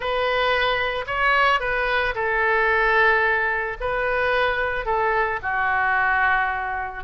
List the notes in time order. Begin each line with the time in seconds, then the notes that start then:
0.00 B4
1.07 C#5
1.60 B4
2.14 A4
3.80 B4
4.85 A4
5.42 F#4